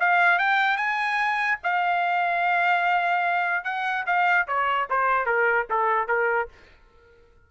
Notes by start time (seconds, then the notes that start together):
0.00 F5
0.39 G5
0.77 G#5
1.64 F5
3.65 F#5
4.06 F5
4.48 C#5
4.90 C5
5.26 A#4
5.70 A4
6.08 A#4